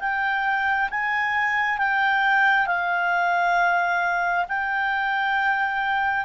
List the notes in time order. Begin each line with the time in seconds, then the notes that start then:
0.00 G5
0.91 G#5
1.78 G5
2.67 F5
4.49 G5